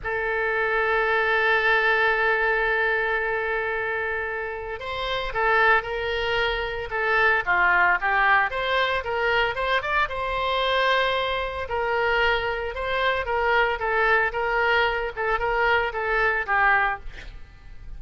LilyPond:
\new Staff \with { instrumentName = "oboe" } { \time 4/4 \tempo 4 = 113 a'1~ | a'1~ | a'4 c''4 a'4 ais'4~ | ais'4 a'4 f'4 g'4 |
c''4 ais'4 c''8 d''8 c''4~ | c''2 ais'2 | c''4 ais'4 a'4 ais'4~ | ais'8 a'8 ais'4 a'4 g'4 | }